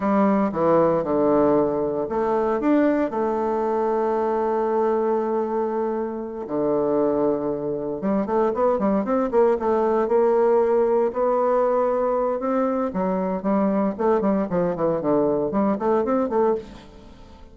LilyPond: \new Staff \with { instrumentName = "bassoon" } { \time 4/4 \tempo 4 = 116 g4 e4 d2 | a4 d'4 a2~ | a1~ | a8 d2. g8 |
a8 b8 g8 c'8 ais8 a4 ais8~ | ais4. b2~ b8 | c'4 fis4 g4 a8 g8 | f8 e8 d4 g8 a8 c'8 a8 | }